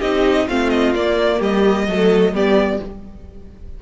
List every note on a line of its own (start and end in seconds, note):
0.00 0.49 C4
0.00 0.49 D#4
0.00 0.47 G4
0.00 0.48 D#5
0.47 0.94 A3
0.47 0.95 C4
0.47 1.39 F4
0.47 0.70 F5
0.70 0.93 D#5
0.94 1.41 A#3
0.94 1.88 A#3
0.94 1.42 D5
1.39 1.87 G3
1.39 1.85 G4
1.39 2.36 D#5
1.87 2.33 F#3
1.87 2.34 A3
1.87 2.34 A4
2.33 2.80 G3
2.33 2.81 B3
2.33 2.81 G4
2.33 2.83 D5